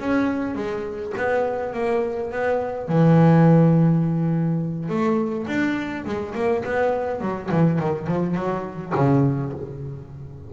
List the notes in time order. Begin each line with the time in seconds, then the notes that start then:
0.00 C#4
0.56 G#3
1.17 B3
1.74 A#3
2.32 B3
2.88 E3
4.89 A3
5.48 D4
6.06 G#3
6.35 A#3
6.65 B3
7.21 F#3
7.52 E3
7.79 D#3
8.07 F3
8.35 F#3
8.95 C#3